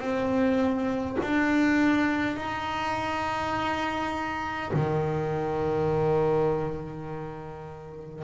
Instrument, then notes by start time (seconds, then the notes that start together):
double bass
0.00 C4
1.23 D4
2.37 D#4
4.74 D#3